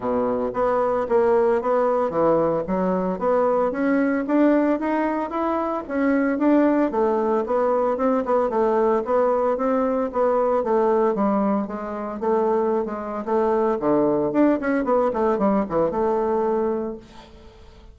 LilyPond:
\new Staff \with { instrumentName = "bassoon" } { \time 4/4 \tempo 4 = 113 b,4 b4 ais4 b4 | e4 fis4 b4 cis'4 | d'4 dis'4 e'4 cis'4 | d'4 a4 b4 c'8 b8 |
a4 b4 c'4 b4 | a4 g4 gis4 a4~ | a16 gis8. a4 d4 d'8 cis'8 | b8 a8 g8 e8 a2 | }